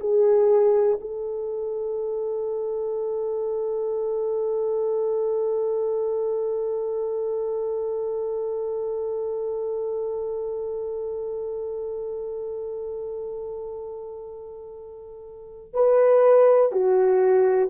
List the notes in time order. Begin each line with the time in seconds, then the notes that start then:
0.00 G#4
1.01 A4
15.74 B4
16.72 F#4